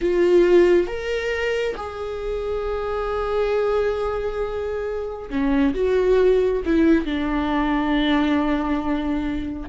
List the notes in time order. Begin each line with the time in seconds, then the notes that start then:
0.01 F4
0.87 A#4
1.76 G#4
5.29 C#4
5.74 F#4
6.65 E4
7.05 D4